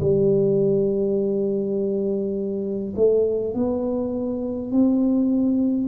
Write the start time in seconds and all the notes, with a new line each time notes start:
0.00 G3
2.96 A3
3.53 B3
4.72 C4